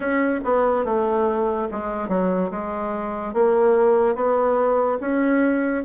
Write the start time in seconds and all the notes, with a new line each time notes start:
0.00 C#4
0.44 B3
0.84 A3
1.71 G#3
2.08 F#3
2.50 G#3
3.33 A#3
4.15 B3
5.00 C#4